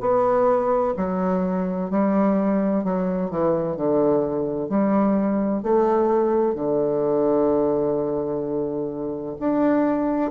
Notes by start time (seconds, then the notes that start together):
0.00 B3
0.97 F#3
1.90 G3
2.84 F#3
3.30 E3
3.76 D3
4.69 G3
5.63 A3
6.55 D3
9.40 D4